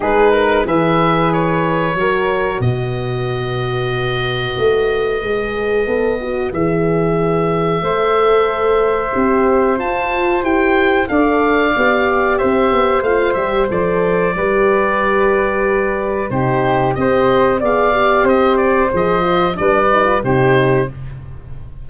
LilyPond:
<<
  \new Staff \with { instrumentName = "oboe" } { \time 4/4 \tempo 4 = 92 b'4 e''4 cis''2 | dis''1~ | dis''2 e''2~ | e''2. a''4 |
g''4 f''2 e''4 | f''8 e''8 d''2.~ | d''4 c''4 dis''4 f''4 | dis''8 d''8 dis''4 d''4 c''4 | }
  \new Staff \with { instrumentName = "flute" } { \time 4/4 gis'8 ais'8 b'2 ais'4 | b'1~ | b'1 | c''1~ |
c''4 d''2 c''4~ | c''2 b'2~ | b'4 g'4 c''4 d''4 | c''2 b'4 g'4 | }
  \new Staff \with { instrumentName = "horn" } { \time 4/4 dis'4 gis'2 fis'4~ | fis'1 | gis'4 a'8 fis'8 gis'2 | a'2 g'4 f'4 |
g'4 a'4 g'2 | f'8 g'8 a'4 g'2~ | g'4 dis'4 g'4 gis'8 g'8~ | g'4 gis'8 f'8 d'8 dis'16 f'16 dis'4 | }
  \new Staff \with { instrumentName = "tuba" } { \time 4/4 gis4 e2 fis4 | b,2. a4 | gis4 b4 e2 | a2 c'4 f'4 |
e'4 d'4 b4 c'8 b8 | a8 g8 f4 g2~ | g4 c4 c'4 b4 | c'4 f4 g4 c4 | }
>>